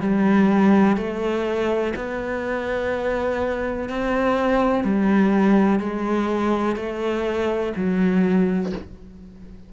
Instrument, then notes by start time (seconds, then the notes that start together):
cello
0.00 G3
0.97 A3
1.96 B3
3.89 C4
4.84 G3
5.79 G#3
6.76 A3
7.76 F#3